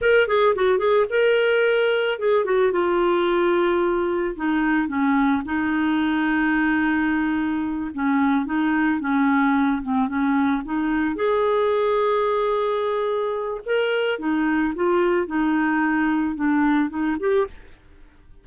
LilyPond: \new Staff \with { instrumentName = "clarinet" } { \time 4/4 \tempo 4 = 110 ais'8 gis'8 fis'8 gis'8 ais'2 | gis'8 fis'8 f'2. | dis'4 cis'4 dis'2~ | dis'2~ dis'8 cis'4 dis'8~ |
dis'8 cis'4. c'8 cis'4 dis'8~ | dis'8 gis'2.~ gis'8~ | gis'4 ais'4 dis'4 f'4 | dis'2 d'4 dis'8 g'8 | }